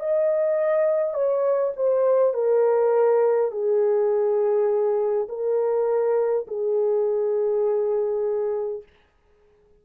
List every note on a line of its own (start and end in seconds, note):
0.00 1.14 D#5
1.14 1.73 C#5
1.76 2.34 C5
2.34 3.52 A#4
3.52 5.28 G#4
5.29 6.47 A#4
6.48 8.83 G#4